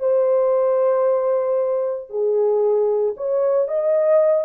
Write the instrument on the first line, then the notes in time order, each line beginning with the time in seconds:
horn
0.00 C5
2.10 G#4
3.17 C#5
3.68 D#5